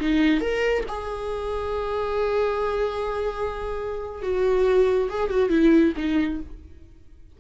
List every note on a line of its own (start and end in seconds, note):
0.00 0.41 D#4
0.41 0.84 A#4
0.88 4.22 G#4
4.22 5.09 F#4
5.09 5.30 G#4
5.30 5.50 F#4
5.50 5.93 E4
5.97 6.40 D#4